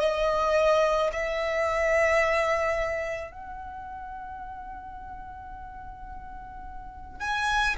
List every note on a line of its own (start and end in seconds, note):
0.00 1.11 D#5
1.13 3.32 E5
3.32 7.20 F#5
7.20 7.76 G#5